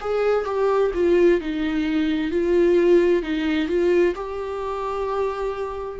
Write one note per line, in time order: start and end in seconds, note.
0.00 0.45 G#4
0.45 0.91 G4
0.94 1.40 F4
1.40 2.30 D#4
2.30 3.22 F4
3.22 3.68 D#4
3.68 4.14 F4
4.15 5.99 G4